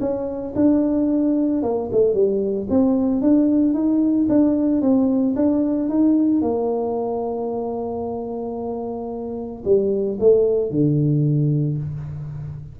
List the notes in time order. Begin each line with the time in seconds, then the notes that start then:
0.00 C#4
0.55 D4
1.63 A#3
1.92 A3
2.14 G3
2.70 C4
3.21 D4
3.74 D#4
4.29 D4
4.81 C4
5.36 D4
5.89 D#4
6.41 A#3
9.65 G3
10.20 A3
10.70 D3